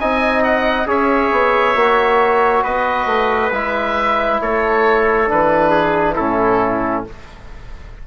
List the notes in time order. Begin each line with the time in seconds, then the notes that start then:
0.00 C4 D#4 D#5 G#5
0.44 F#5
0.87 C#4 G#4 C#5 E5
1.32 B3
1.75 A#3 F#4
2.63 B3 B4 D#5
3.06 A3
3.52 G#3 E4 E5
4.42 A3 A4 C#5
5.28 E3 D4 B4
5.71 G#4
6.15 A2 C#4 E4 A4